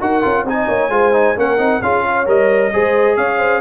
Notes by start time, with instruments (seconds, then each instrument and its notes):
0.00 tuba D#4, trombone F#4, horn A#4, trumpet F#5
0.22 tuba C#4, trombone F4
0.44 tuba C4, trombone D#4, horn D#5, trumpet G#5
0.68 tuba A#3, horn C#5
0.89 tuba G#3, trombone F4, horn C5
1.13 trombone D#4
1.36 tuba A#3, trombone C#4, horn A#4, trumpet F#5
1.58 tuba C4, trombone D#4
1.82 tuba C#4, trombone F4, horn G#4, trumpet F5
2.03 horn C#5
2.26 tuba G3, trombone A#4, trumpet D#5
2.73 tuba G#3, trombone G#4, horn C5
3.17 tuba C#4, horn C#5, trumpet F5
3.38 horn C5